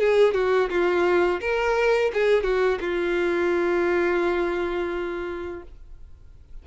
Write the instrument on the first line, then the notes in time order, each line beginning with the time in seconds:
violin
0.00 G#4
0.34 F#4
0.70 F4
1.41 A#4
2.14 G#4
2.44 F#4
2.81 F4